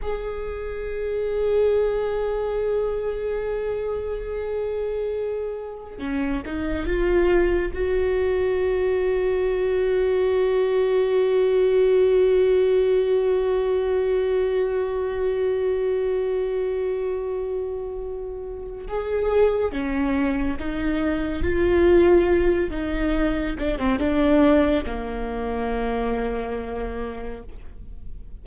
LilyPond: \new Staff \with { instrumentName = "viola" } { \time 4/4 \tempo 4 = 70 gis'1~ | gis'2. cis'8 dis'8 | f'4 fis'2.~ | fis'1~ |
fis'1~ | fis'2 gis'4 cis'4 | dis'4 f'4. dis'4 d'16 c'16 | d'4 ais2. | }